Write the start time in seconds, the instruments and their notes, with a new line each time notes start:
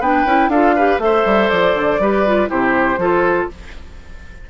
0.00 bassoon B3, clarinet D4, oboe B4, flute G5
0.26 bassoon C#4, clarinet E4
0.49 bassoon D4, clarinet F4, oboe A4, flute F5
0.76 clarinet G4, oboe B4
0.99 bassoon A3, clarinet A4, oboe C5, flute E5
1.26 bassoon G3
1.50 bassoon F3, flute D5
1.76 bassoon D3
1.99 bassoon G3, clarinet G4, oboe B4
2.27 clarinet F4
2.48 bassoon C3, clarinet E4, oboe G4, flute C5
2.98 bassoon F3, clarinet F4, oboe A4